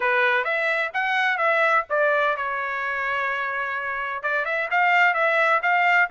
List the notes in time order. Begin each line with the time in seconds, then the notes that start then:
0.00 B4
0.44 E5
0.93 F#5
1.37 E5
1.89 D5
2.36 C#5
4.22 D5
4.45 E5
4.70 F5
5.13 E5
5.62 F5